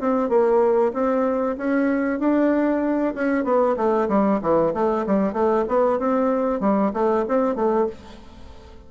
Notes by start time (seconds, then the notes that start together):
0.00 C4
0.28 A#3
0.93 C4
1.57 C#4
2.19 D4
3.14 C#4
3.44 B3
3.76 A3
4.08 G3
4.41 E3
4.73 A3
5.06 G3
5.33 A3
5.68 B3
5.99 C4
6.60 G3
6.93 A3
7.28 C4
7.55 A3